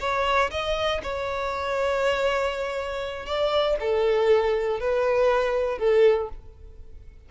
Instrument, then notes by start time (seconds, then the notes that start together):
violin
0.00 C#5
0.51 D#5
1.03 C#5
3.26 D5
3.80 A4
4.80 B4
5.78 A4